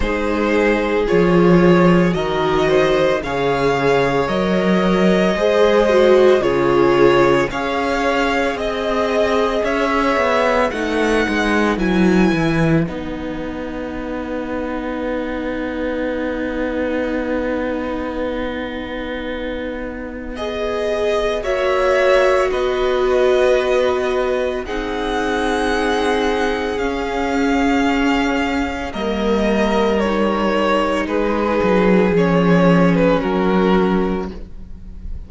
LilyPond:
<<
  \new Staff \with { instrumentName = "violin" } { \time 4/4 \tempo 4 = 56 c''4 cis''4 dis''4 f''4 | dis''2 cis''4 f''4 | dis''4 e''4 fis''4 gis''4 | fis''1~ |
fis''2. dis''4 | e''4 dis''2 fis''4~ | fis''4 f''2 dis''4 | cis''4 b'4 cis''8. b'16 ais'4 | }
  \new Staff \with { instrumentName = "violin" } { \time 4/4 gis'2 ais'8 c''8 cis''4~ | cis''4 c''4 gis'4 cis''4 | dis''4 cis''4 b'2~ | b'1~ |
b'1 | cis''4 b'2 gis'4~ | gis'2. ais'4~ | ais'4 gis'2 fis'4 | }
  \new Staff \with { instrumentName = "viola" } { \time 4/4 dis'4 f'4 fis'4 gis'4 | ais'4 gis'8 fis'8 f'4 gis'4~ | gis'2 dis'4 e'4 | dis'1~ |
dis'2. gis'4 | fis'2. dis'4~ | dis'4 cis'2 ais4 | dis'2 cis'2 | }
  \new Staff \with { instrumentName = "cello" } { \time 4/4 gis4 f4 dis4 cis4 | fis4 gis4 cis4 cis'4 | c'4 cis'8 b8 a8 gis8 fis8 e8 | b1~ |
b1 | ais4 b2 c'4~ | c'4 cis'2 g4~ | g4 gis8 fis8 f4 fis4 | }
>>